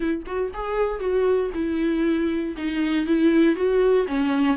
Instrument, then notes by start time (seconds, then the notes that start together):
viola
0.00 E4
0.26 F#4
0.53 G#4
0.99 F#4
1.54 E4
2.56 D#4
3.06 E4
3.55 F#4
4.07 C#4